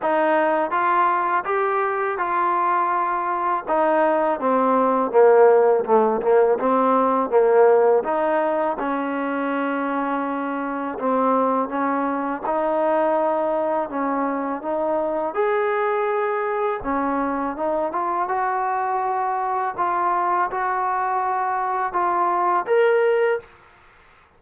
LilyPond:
\new Staff \with { instrumentName = "trombone" } { \time 4/4 \tempo 4 = 82 dis'4 f'4 g'4 f'4~ | f'4 dis'4 c'4 ais4 | a8 ais8 c'4 ais4 dis'4 | cis'2. c'4 |
cis'4 dis'2 cis'4 | dis'4 gis'2 cis'4 | dis'8 f'8 fis'2 f'4 | fis'2 f'4 ais'4 | }